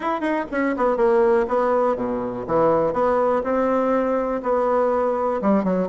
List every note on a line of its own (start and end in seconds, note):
0.00 0.20 E4
0.20 0.45 D#4
0.51 0.75 C#4
0.76 0.97 B3
0.97 1.46 A#3
1.48 1.95 B3
1.95 2.45 B2
2.47 2.93 E3
2.93 3.42 B3
3.43 4.42 C4
4.42 5.41 B3
5.41 5.64 G3
5.64 5.88 F#3